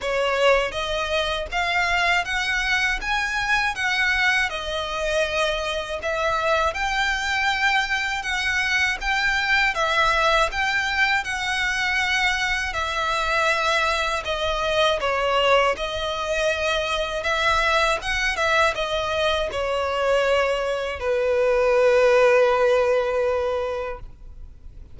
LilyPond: \new Staff \with { instrumentName = "violin" } { \time 4/4 \tempo 4 = 80 cis''4 dis''4 f''4 fis''4 | gis''4 fis''4 dis''2 | e''4 g''2 fis''4 | g''4 e''4 g''4 fis''4~ |
fis''4 e''2 dis''4 | cis''4 dis''2 e''4 | fis''8 e''8 dis''4 cis''2 | b'1 | }